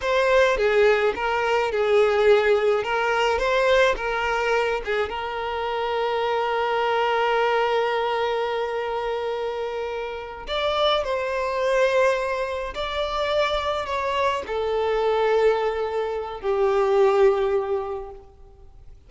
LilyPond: \new Staff \with { instrumentName = "violin" } { \time 4/4 \tempo 4 = 106 c''4 gis'4 ais'4 gis'4~ | gis'4 ais'4 c''4 ais'4~ | ais'8 gis'8 ais'2.~ | ais'1~ |
ais'2~ ais'8 d''4 c''8~ | c''2~ c''8 d''4.~ | d''8 cis''4 a'2~ a'8~ | a'4 g'2. | }